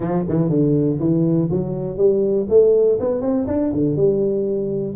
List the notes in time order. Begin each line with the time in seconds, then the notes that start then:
0.00 F3
0.28 E3
0.49 D3
0.99 E3
1.51 F#3
1.97 G3
2.49 A3
3.00 B3
3.21 C4
3.47 D4
3.73 D3
3.96 G3